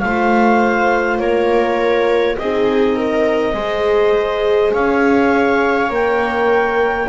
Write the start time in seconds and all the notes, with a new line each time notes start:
0.00 A3 F4 C5 F5
1.18 A#3 A#4 C#5
2.37 C4 D#4 G#4 D#5
2.96 A#4
3.54 G#3 G#4 C5
4.73 C#4 C#5 F5
5.90 A#3 A#4 G5